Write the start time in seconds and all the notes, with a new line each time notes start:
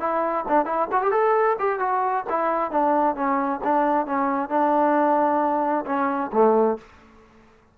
0.00 E4
0.48 D4
0.65 E4
0.92 F#4
1.02 G4
1.12 A4
1.59 G4
1.80 F#4
2.29 E4
2.71 D4
3.15 C#4
3.64 D4
4.06 C#4
4.49 D4
5.86 C#4
6.33 A3